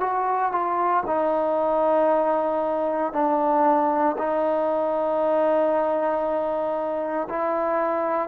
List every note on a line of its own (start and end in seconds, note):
0.00 0.52 F#4
0.52 1.03 F4
1.06 3.13 D#4
3.13 4.16 D4
4.18 7.28 D#4
7.29 8.28 E4